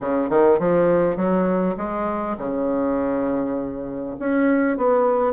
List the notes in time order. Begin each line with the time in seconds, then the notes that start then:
0.00 C#3
0.29 D#3
0.59 F3
1.16 F#3
1.77 G#3
2.37 C#3
4.19 C#4
4.77 B3